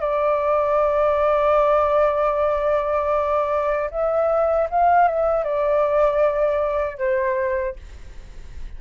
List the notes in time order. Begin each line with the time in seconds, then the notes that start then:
0.00 D5
3.90 E5
4.70 F5
5.08 E5
5.44 D5
6.98 C5